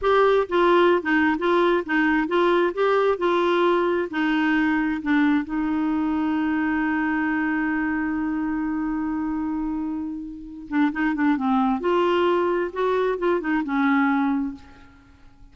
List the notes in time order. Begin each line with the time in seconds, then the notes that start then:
0.01 G4
0.48 F4
1.02 D#4
1.38 F4
1.85 D#4
2.27 F4
2.74 G4
3.18 F4
4.10 D#4
5.02 D4
5.44 D#4
10.68 D4
10.92 D#4
11.14 D4
11.36 C4
11.80 F4
12.72 F#4
13.18 F4
13.40 D#4
13.64 C#4